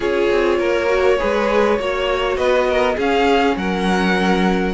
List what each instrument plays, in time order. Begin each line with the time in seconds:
0.00 cello C#4, viola F4, violin G#4 C#5
0.30 cello C4
0.58 cello A#3, violin A#4
0.87 viola F#4
1.18 cello G#3, viola G#4, violin B4
1.78 cello A#3, viola F#4, violin C#5
2.36 cello B3, violin B4 D#5
2.67 violin A#4
2.96 cello C#4, viola C#4, violin G#4 F5
3.56 cello F#3, violin A#4 F#5